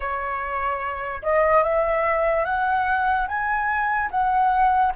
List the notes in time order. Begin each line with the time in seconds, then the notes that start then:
0.00 C#5
1.22 D#5
1.63 E5
2.44 F#5
3.27 G#5
4.10 F#5